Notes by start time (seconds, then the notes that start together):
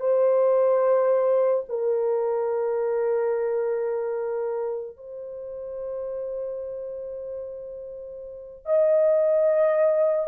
0.00 C5
1.69 A#4
4.97 C5
8.65 D#5